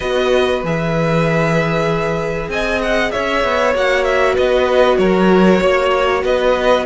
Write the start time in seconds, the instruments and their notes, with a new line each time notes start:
0.00 cello B3, viola F#4, violin B4 D#5
0.63 cello E3, viola G#4, violin E5
2.48 cello C4, violin D#5 G#5
2.82 violin F#5
3.11 cello C#4, violin C#5 E5
3.43 cello B3
3.74 cello A#3, viola F#4, violin F#5
4.04 violin E5
4.34 cello B3, violin B4 D#5
4.98 cello F#3, violin A#4 C#5
5.61 cello A#3, violin C#5
6.23 cello B3, violin B4 D#5